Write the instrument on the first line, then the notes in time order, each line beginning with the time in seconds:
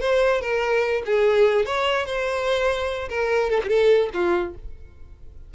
violin
0.00 C5
0.41 A#4
1.05 G#4
1.65 C#5
2.06 C5
3.09 A#4
3.50 A4
3.64 G4 A4
4.13 F4